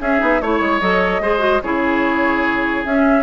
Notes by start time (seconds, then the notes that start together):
0.00 C#4 G#4 E5
0.18 B3 D#4
0.41 A3 E4 C#5
0.60 G#3
0.80 F#3 A4 D#5
1.20 G#3 G#4 C5
1.39 F#4
1.62 C#3 E4 G#4 C#5
2.85 C#4 E5